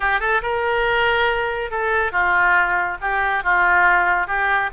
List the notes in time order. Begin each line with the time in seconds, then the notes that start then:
0.00 G4
0.20 A4
0.42 A#4
1.70 A4
2.12 F4
3.01 G4
3.43 F4
4.27 G4